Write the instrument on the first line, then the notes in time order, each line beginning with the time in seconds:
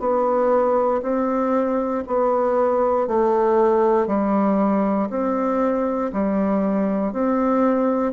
bassoon
0.00 B3
1.03 C4
2.08 B3
3.08 A3
4.08 G3
5.10 C4
6.13 G3
7.13 C4